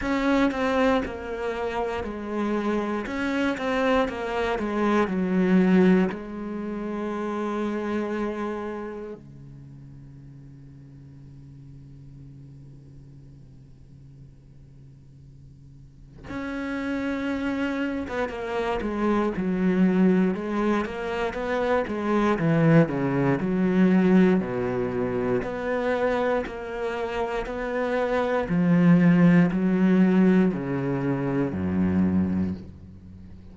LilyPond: \new Staff \with { instrumentName = "cello" } { \time 4/4 \tempo 4 = 59 cis'8 c'8 ais4 gis4 cis'8 c'8 | ais8 gis8 fis4 gis2~ | gis4 cis2.~ | cis1 |
cis'4.~ cis'16 b16 ais8 gis8 fis4 | gis8 ais8 b8 gis8 e8 cis8 fis4 | b,4 b4 ais4 b4 | f4 fis4 cis4 fis,4 | }